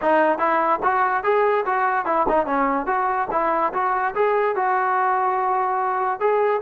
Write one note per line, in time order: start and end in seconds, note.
0.01 0.38 D#4
0.38 0.79 E4
0.83 1.23 F#4
1.23 1.64 G#4
1.65 2.05 F#4
2.05 2.26 E4
2.28 2.45 D#4
2.45 2.86 C#4
2.86 3.27 F#4
3.31 3.72 E4
3.73 4.14 F#4
4.14 4.55 G#4
4.55 6.20 F#4
6.20 6.61 G#4